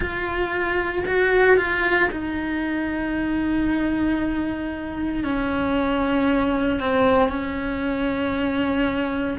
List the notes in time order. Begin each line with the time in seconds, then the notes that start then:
0.00 F4
1.06 F#4
1.57 F4
2.11 D#4
5.23 C#4
6.79 C4
7.28 C#4